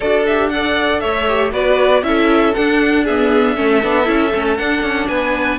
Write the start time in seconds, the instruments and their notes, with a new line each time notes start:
0.00 cello D4, viola F#4, violin A4 D5
0.26 viola G4, violin E5
0.49 viola A4, violin D5 F#5
1.00 cello A3, violin C#5 E5
1.28 viola G4
1.51 cello B3, viola F#4, violin B4 D5
2.02 cello C#4, viola E4, violin A4 E5
2.54 viola D4, cello D4, violin F#5
3.04 viola B3, violin G#4 E5
3.55 cello A3, viola C#4, violin A4
3.82 cello B3, viola D4
4.05 cello C#4, viola E4
4.33 cello A3, viola C#4
4.56 viola D4, cello D4, violin F#5
4.82 cello C#4
5.08 cello B3, violin B4 G#5